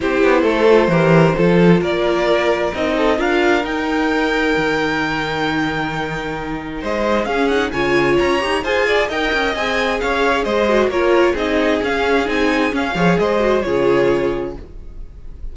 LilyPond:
<<
  \new Staff \with { instrumentName = "violin" } { \time 4/4 \tempo 4 = 132 c''1 | d''2 dis''4 f''4 | g''1~ | g''2. dis''4 |
f''8 fis''8 gis''4 ais''4 gis''4 | g''4 gis''4 f''4 dis''4 | cis''4 dis''4 f''4 gis''4 | f''4 dis''4 cis''2 | }
  \new Staff \with { instrumentName = "violin" } { \time 4/4 g'4 a'4 ais'4 a'4 | ais'2~ ais'8 a'8 ais'4~ | ais'1~ | ais'2. c''4 |
gis'4 cis''2 c''8 d''8 | dis''2 cis''4 c''4 | ais'4 gis'2.~ | gis'8 cis''8 c''4 gis'2 | }
  \new Staff \with { instrumentName = "viola" } { \time 4/4 e'4. f'8 g'4 f'4~ | f'2 dis'4 f'4 | dis'1~ | dis'1 |
cis'8 dis'8 f'4. g'8 gis'4 | ais'4 gis'2~ gis'8 fis'8 | f'4 dis'4 cis'4 dis'4 | cis'8 gis'4 fis'8 f'2 | }
  \new Staff \with { instrumentName = "cello" } { \time 4/4 c'8 b8 a4 e4 f4 | ais2 c'4 d'4 | dis'2 dis2~ | dis2. gis4 |
cis'4 cis4 cis'8 dis'8 f'4 | dis'8 cis'8 c'4 cis'4 gis4 | ais4 c'4 cis'4 c'4 | cis'8 f8 gis4 cis2 | }
>>